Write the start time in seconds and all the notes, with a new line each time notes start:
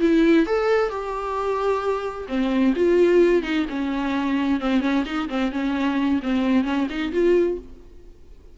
0.00 E4
0.46 A4
0.89 G4
2.28 C4
2.75 F4
3.42 D#4
3.69 C#4
4.60 C4
4.80 C#4
5.05 D#4
5.29 C4
5.52 C#4
6.22 C4
6.64 C#4
6.90 D#4
7.12 F4